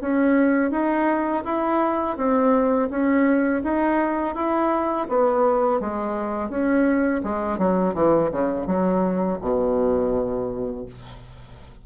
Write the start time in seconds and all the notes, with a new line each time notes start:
0.00 C#4
0.71 D#4
1.45 E4
2.17 C4
2.90 C#4
3.63 D#4
4.35 E4
5.08 B3
5.80 G#3
6.49 C#4
7.23 G#3
7.58 F#3
7.94 E3
8.31 C#3
8.66 F#3
9.41 B2